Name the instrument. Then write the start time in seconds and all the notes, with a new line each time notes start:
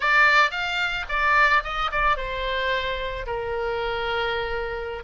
oboe
0.00 D5
0.51 F5
1.08 D5
1.63 D#5
1.91 D5
2.16 C5
3.26 A#4